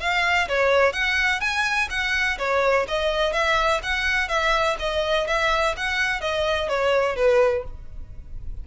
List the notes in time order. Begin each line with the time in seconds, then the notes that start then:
0.00 F5
0.48 C#5
0.93 F#5
1.41 G#5
1.90 F#5
2.38 C#5
2.88 D#5
3.33 E5
3.83 F#5
4.28 E5
4.79 D#5
5.27 E5
5.77 F#5
6.21 D#5
6.69 C#5
7.16 B4